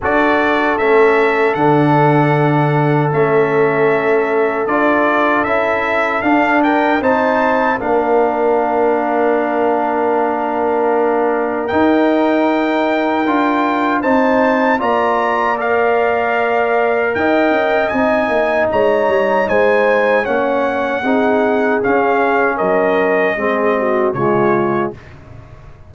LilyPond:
<<
  \new Staff \with { instrumentName = "trumpet" } { \time 4/4 \tempo 4 = 77 d''4 e''4 fis''2 | e''2 d''4 e''4 | f''8 g''8 a''4 f''2~ | f''2. g''4~ |
g''2 a''4 ais''4 | f''2 g''4 gis''4 | ais''4 gis''4 fis''2 | f''4 dis''2 cis''4 | }
  \new Staff \with { instrumentName = "horn" } { \time 4/4 a'1~ | a'1~ | a'8 ais'8 c''4 ais'2~ | ais'1~ |
ais'2 c''4 d''4~ | d''2 dis''2 | cis''4 c''4 cis''4 gis'4~ | gis'4 ais'4 gis'8 fis'8 f'4 | }
  \new Staff \with { instrumentName = "trombone" } { \time 4/4 fis'4 cis'4 d'2 | cis'2 f'4 e'4 | d'4 dis'4 d'2~ | d'2. dis'4~ |
dis'4 f'4 dis'4 f'4 | ais'2. dis'4~ | dis'2 cis'4 dis'4 | cis'2 c'4 gis4 | }
  \new Staff \with { instrumentName = "tuba" } { \time 4/4 d'4 a4 d2 | a2 d'4 cis'4 | d'4 c'4 ais2~ | ais2. dis'4~ |
dis'4 d'4 c'4 ais4~ | ais2 dis'8 cis'8 c'8 ais8 | gis8 g8 gis4 ais4 c'4 | cis'4 fis4 gis4 cis4 | }
>>